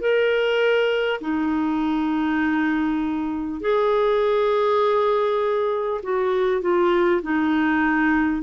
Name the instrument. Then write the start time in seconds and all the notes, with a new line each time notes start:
clarinet
0.00 A#4
1.21 D#4
3.61 G#4
6.02 F#4
6.62 F4
7.22 D#4